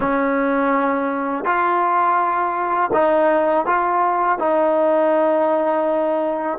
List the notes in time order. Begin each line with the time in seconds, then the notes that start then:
0.00 C#4
1.44 F4
2.93 D#4
3.66 F4
4.38 D#4